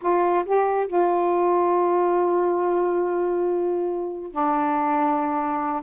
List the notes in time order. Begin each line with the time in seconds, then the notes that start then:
0.01 F4
0.45 G4
0.87 F4
4.31 D4